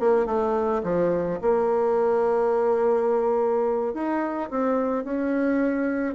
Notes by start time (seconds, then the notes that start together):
0.00 A#3
0.26 A3
0.84 F3
1.42 A#3
3.94 D#4
4.50 C4
5.05 C#4